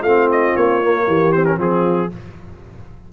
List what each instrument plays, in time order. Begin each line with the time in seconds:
0.00 tuba A3, horn F4, trumpet F5
0.06 trombone C4
0.31 trumpet D#5
0.56 tuba A#3, trumpet C#5
0.82 trombone A#3
1.07 tuba E3, horn G4
1.32 trombone C4, trumpet C5
1.45 trombone C#4, trumpet A#4
1.57 tuba F3, trombone C4, horn F4, trumpet G#4